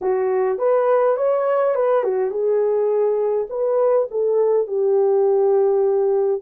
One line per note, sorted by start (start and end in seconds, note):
0.01 0.58 F#4
0.58 1.16 B4
1.17 1.75 C#5
1.75 2.03 B4
2.03 2.30 F#4
2.30 3.47 G#4
3.49 4.08 B4
4.10 4.67 A4
4.67 6.41 G4